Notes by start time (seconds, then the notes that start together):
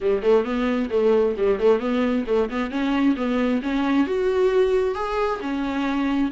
0.00 G3
0.22 A3
0.44 B3
0.90 A3
1.37 G3
1.59 A3
1.79 B3
2.27 A3
2.49 B3
2.70 C#4
3.16 B3
3.62 C#4
4.06 F#4
4.95 G#4
5.40 C#4